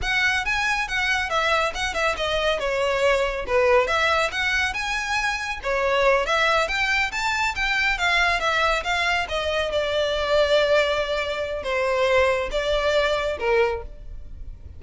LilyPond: \new Staff \with { instrumentName = "violin" } { \time 4/4 \tempo 4 = 139 fis''4 gis''4 fis''4 e''4 | fis''8 e''8 dis''4 cis''2 | b'4 e''4 fis''4 gis''4~ | gis''4 cis''4. e''4 g''8~ |
g''8 a''4 g''4 f''4 e''8~ | e''8 f''4 dis''4 d''4.~ | d''2. c''4~ | c''4 d''2 ais'4 | }